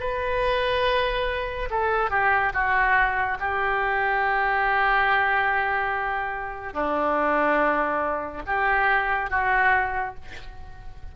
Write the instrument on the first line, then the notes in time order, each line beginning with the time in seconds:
oboe
0.00 B4
1.70 A4
2.10 G4
2.53 F#4
3.40 G4
6.73 D4
8.47 G4
9.30 F#4